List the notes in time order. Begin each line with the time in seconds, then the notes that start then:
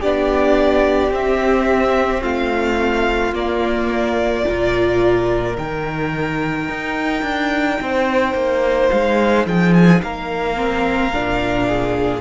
0.00 B3 D4 G4 D5
1.10 C4 E5
2.22 A3 F4 F5
3.33 A#3 D5
4.45 A#2 F4 A#4
5.56 D#3 D#4 G5
6.69 D#4
7.22 D4
7.81 C4 C5
8.34 A#3
8.90 G#3 F5
9.46 F3 G#4 G5
9.73 G#5
10.02 A#3 A#4 F5
10.55 C4
11.13 A#2 D4
11.67 G#4